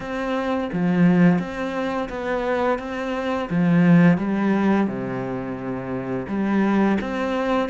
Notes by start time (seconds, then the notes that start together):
0.00 C4
0.72 F3
1.39 C4
2.09 B3
2.78 C4
3.50 F3
4.17 G3
4.87 C3
6.28 G3
7.00 C4